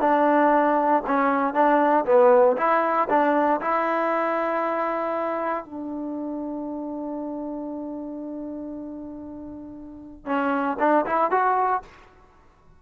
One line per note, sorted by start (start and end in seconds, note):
0.00 1.03 D4
1.07 1.54 C#4
1.54 2.05 D4
2.05 2.56 B3
2.57 3.08 E4
3.09 3.61 D4
3.61 5.65 E4
5.65 10.25 D4
10.25 10.77 C#4
10.79 11.05 D4
11.05 11.31 E4
11.31 11.82 F#4